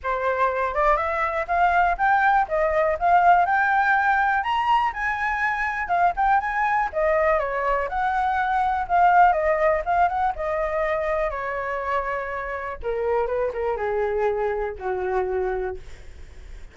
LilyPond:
\new Staff \with { instrumentName = "flute" } { \time 4/4 \tempo 4 = 122 c''4. d''8 e''4 f''4 | g''4 dis''4 f''4 g''4~ | g''4 ais''4 gis''2 | f''8 g''8 gis''4 dis''4 cis''4 |
fis''2 f''4 dis''4 | f''8 fis''8 dis''2 cis''4~ | cis''2 ais'4 b'8 ais'8 | gis'2 fis'2 | }